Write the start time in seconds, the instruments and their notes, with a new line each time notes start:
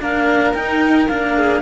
0.00 cello A#3 D4, violin A#4, clarinet F5
0.54 cello D#4, clarinet G5
1.08 cello A#3 D4, clarinet F5
1.36 violin G#4